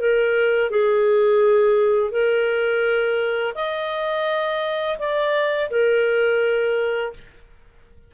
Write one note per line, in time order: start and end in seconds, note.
0.00 0.70 A#4
0.70 2.11 G#4
2.11 3.54 A#4
3.55 4.98 D#5
4.99 5.70 D5
5.70 7.13 A#4